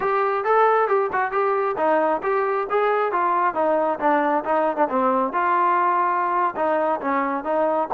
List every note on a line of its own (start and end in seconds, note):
0.00 0.44 G4
0.44 0.88 A4
0.88 1.10 G4
1.12 1.31 F#4
1.31 1.76 G4
1.77 2.21 D#4
2.22 2.67 G4
2.70 3.12 G#4
3.12 3.54 F4
3.54 3.99 D#4
3.99 4.43 D4
4.44 4.76 D#4
4.76 4.87 D4
4.89 5.32 C4
5.32 6.54 F4
6.56 7.00 D#4
7.01 7.44 C#4
7.44 7.88 D#4